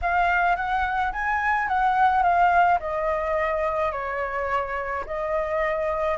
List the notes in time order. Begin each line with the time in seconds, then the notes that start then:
0.01 F5
0.56 F#5
1.12 G#5
1.67 F#5
2.23 F5
2.79 D#5
3.92 C#5
5.06 D#5